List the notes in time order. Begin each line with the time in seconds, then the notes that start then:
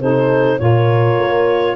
0.00 C3 D#4 A4 C5
0.59 A#2 F4 A#4 C#5
1.18 A#3